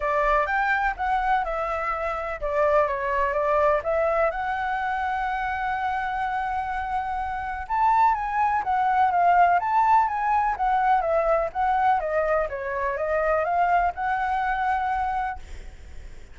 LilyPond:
\new Staff \with { instrumentName = "flute" } { \time 4/4 \tempo 4 = 125 d''4 g''4 fis''4 e''4~ | e''4 d''4 cis''4 d''4 | e''4 fis''2.~ | fis''1 |
a''4 gis''4 fis''4 f''4 | a''4 gis''4 fis''4 e''4 | fis''4 dis''4 cis''4 dis''4 | f''4 fis''2. | }